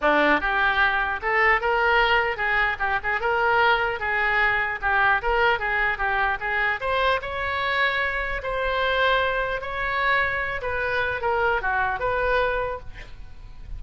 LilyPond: \new Staff \with { instrumentName = "oboe" } { \time 4/4 \tempo 4 = 150 d'4 g'2 a'4 | ais'2 gis'4 g'8 gis'8 | ais'2 gis'2 | g'4 ais'4 gis'4 g'4 |
gis'4 c''4 cis''2~ | cis''4 c''2. | cis''2~ cis''8 b'4. | ais'4 fis'4 b'2 | }